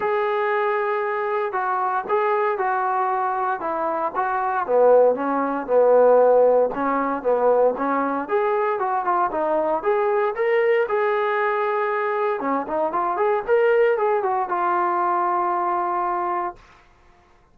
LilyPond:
\new Staff \with { instrumentName = "trombone" } { \time 4/4 \tempo 4 = 116 gis'2. fis'4 | gis'4 fis'2 e'4 | fis'4 b4 cis'4 b4~ | b4 cis'4 b4 cis'4 |
gis'4 fis'8 f'8 dis'4 gis'4 | ais'4 gis'2. | cis'8 dis'8 f'8 gis'8 ais'4 gis'8 fis'8 | f'1 | }